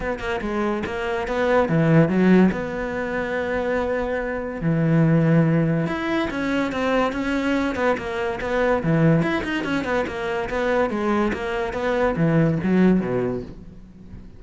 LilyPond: \new Staff \with { instrumentName = "cello" } { \time 4/4 \tempo 4 = 143 b8 ais8 gis4 ais4 b4 | e4 fis4 b2~ | b2. e4~ | e2 e'4 cis'4 |
c'4 cis'4. b8 ais4 | b4 e4 e'8 dis'8 cis'8 b8 | ais4 b4 gis4 ais4 | b4 e4 fis4 b,4 | }